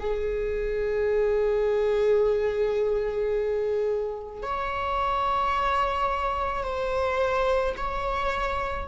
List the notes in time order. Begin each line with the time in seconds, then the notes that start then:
0.00 G#4
4.42 C#5
6.64 C5
7.77 C#5